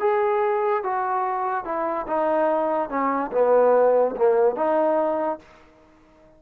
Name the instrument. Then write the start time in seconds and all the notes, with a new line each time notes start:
trombone
0.00 G#4
0.84 F#4
1.64 E4
2.07 D#4
2.89 C#4
3.32 B3
4.16 A#3
4.56 D#4